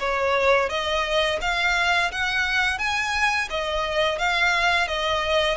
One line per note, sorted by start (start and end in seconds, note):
0.00 0.70 C#5
0.70 1.40 D#5
1.42 2.12 F5
2.12 2.79 F#5
2.79 3.49 G#5
3.50 4.19 D#5
4.19 4.88 F5
4.88 5.58 D#5